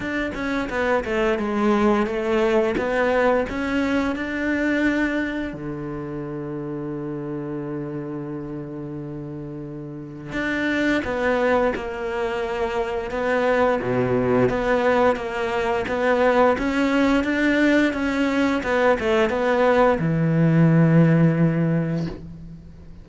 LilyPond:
\new Staff \with { instrumentName = "cello" } { \time 4/4 \tempo 4 = 87 d'8 cis'8 b8 a8 gis4 a4 | b4 cis'4 d'2 | d1~ | d2. d'4 |
b4 ais2 b4 | b,4 b4 ais4 b4 | cis'4 d'4 cis'4 b8 a8 | b4 e2. | }